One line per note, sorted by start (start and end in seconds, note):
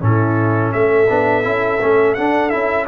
0.00 0.73 A2
0.00 1.07 C#4
0.00 0.75 E4
0.00 0.73 A4
0.73 1.10 A3
0.73 2.88 A4
0.73 2.15 E5
1.09 1.46 B3
1.09 1.43 D4
1.43 1.82 C#4
1.43 1.79 E4
1.81 2.18 A3
1.81 2.17 C#4
2.15 2.51 D4
2.15 2.54 D4
2.15 2.50 F#5
2.50 2.88 C#4
2.50 2.87 E4
2.50 2.86 E5